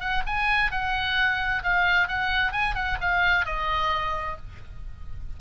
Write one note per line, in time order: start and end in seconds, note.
0.00 0.23 F#5
0.26 0.71 G#5
0.71 1.63 F#5
1.63 2.08 F5
2.08 2.52 F#5
2.52 2.75 G#5
2.75 2.98 F#5
3.01 3.46 F5
3.46 4.37 D#5